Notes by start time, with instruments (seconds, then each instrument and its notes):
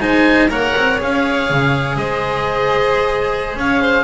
0.00 double bass G#3, cello D#4, violin C5, oboe G#5
0.49 double bass A#3, cello A#4, violin C#5, oboe F#5
0.77 double bass C4
0.99 double bass C#4, cello G#4, oboe F5
1.50 double bass C#3
1.96 double bass G#3, violin C5, oboe D#5
3.55 double bass C#4, violin C#5, oboe F5
3.82 violin C5